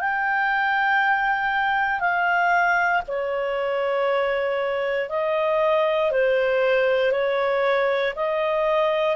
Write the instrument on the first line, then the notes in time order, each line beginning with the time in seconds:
clarinet
0.00 G5
2.00 F5
3.07 C#5
5.09 D#5
6.11 C5
7.12 C#5
8.16 D#5